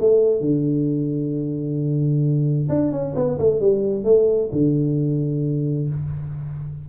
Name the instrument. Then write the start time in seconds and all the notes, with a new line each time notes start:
tuba
0.00 A3
0.41 D3
2.69 D4
2.92 C#4
3.16 B3
3.39 A3
3.61 G3
4.05 A3
4.52 D3